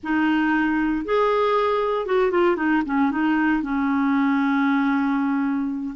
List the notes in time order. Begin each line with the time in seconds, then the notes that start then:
0.03 D#4
1.05 G#4
2.05 F#4
2.31 F4
2.56 D#4
2.85 C#4
3.11 D#4
3.62 C#4